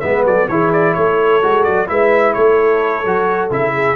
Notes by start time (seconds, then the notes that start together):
0.00 G#3 B3 B4 E5
0.24 F#3 A4 D5
0.48 E3 E4 G#4 C#5
0.73 D5
0.94 A3 A4 C#5
1.42 G#3 F#4
1.64 F#3 D5
1.87 G#3 E4 B4 E5
2.33 A3 A4 C#5
3.05 F#3 F#4
3.50 C#3 E4 E5
3.74 G#4